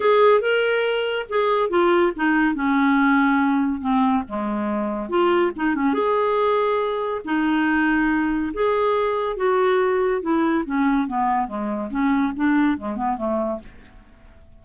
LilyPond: \new Staff \with { instrumentName = "clarinet" } { \time 4/4 \tempo 4 = 141 gis'4 ais'2 gis'4 | f'4 dis'4 cis'2~ | cis'4 c'4 gis2 | f'4 dis'8 cis'8 gis'2~ |
gis'4 dis'2. | gis'2 fis'2 | e'4 cis'4 b4 gis4 | cis'4 d'4 gis8 b8 a4 | }